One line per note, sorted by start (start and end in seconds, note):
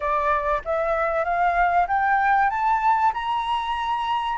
0.00 0.62 D5
0.64 1.24 E5
1.24 1.87 F5
1.88 2.50 G5
2.50 3.12 A5
3.13 4.38 A#5